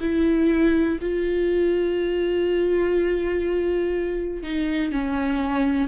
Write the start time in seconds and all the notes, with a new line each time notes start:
0.00 E4
1.01 F4
4.43 D#4
4.92 C#4